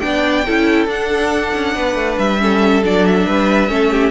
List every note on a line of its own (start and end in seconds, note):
0.00 0.47 B3
0.00 0.45 D4
0.00 0.45 D5
0.00 0.86 G5
0.45 0.87 C#4
0.45 0.88 E4
0.45 1.75 A4
0.87 1.52 D4
0.87 2.39 D4
0.87 2.18 F#5
1.55 1.76 C#4
1.76 1.95 B3
1.76 2.42 B4
1.95 2.17 A3
2.18 2.83 G3
2.18 2.83 E5
2.40 2.83 C#4
2.40 3.26 A4
2.83 3.27 F#3
2.83 3.69 D4
2.83 3.06 D5
3.06 4.11 E5
3.26 3.70 G3
3.26 3.69 B4
3.69 4.11 A3
3.69 4.11 C#4
3.69 3.91 A4
3.91 4.11 G4